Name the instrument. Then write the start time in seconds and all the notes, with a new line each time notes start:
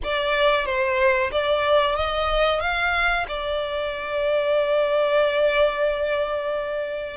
violin
0.03 D5
0.65 C5
1.31 D5
1.95 D#5
2.60 F5
3.28 D5